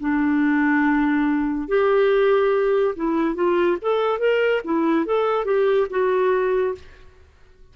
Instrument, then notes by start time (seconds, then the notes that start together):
clarinet
0.00 D4
1.68 G4
2.96 E4
3.35 F4
3.82 A4
4.19 A#4
4.64 E4
5.06 A4
5.45 G4
5.90 F#4